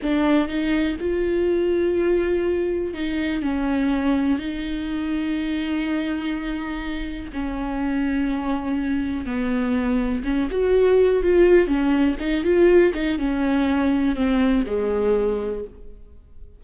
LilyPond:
\new Staff \with { instrumentName = "viola" } { \time 4/4 \tempo 4 = 123 d'4 dis'4 f'2~ | f'2 dis'4 cis'4~ | cis'4 dis'2.~ | dis'2. cis'4~ |
cis'2. b4~ | b4 cis'8 fis'4. f'4 | cis'4 dis'8 f'4 dis'8 cis'4~ | cis'4 c'4 gis2 | }